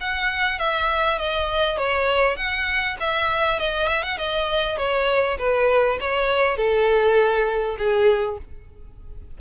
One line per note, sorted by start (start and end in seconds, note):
0.00 0.58 F#5
0.58 1.18 E5
1.18 1.78 D#5
1.78 2.36 C#5
2.36 2.96 F#5
3.00 3.59 E5
3.59 3.87 D#5
3.87 4.02 E5
4.03 4.17 F#5
4.17 4.77 D#5
4.78 5.38 C#5
5.38 5.98 B4
6.00 6.56 C#5
6.56 7.76 A4
7.78 8.38 G#4